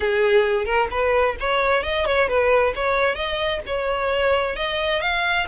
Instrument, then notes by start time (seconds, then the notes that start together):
violin
0.00 G#4
0.65 A#4
0.90 B4
1.40 C#5
1.83 D#5
2.05 C#5
2.28 B4
2.75 C#5
3.15 D#5
3.66 C#5
4.56 D#5
5.01 F5